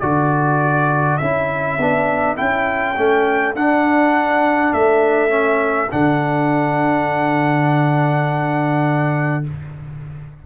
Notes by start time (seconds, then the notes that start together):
0.00 D3 F#4 A4 D5
1.18 C#4 E4 E5
1.78 B3 D4
2.37 C#4 E4 G5
2.97 A3 C#4
3.55 D4 F#5
4.73 A3 E5
5.29 C#4
5.91 D3 D4 F#5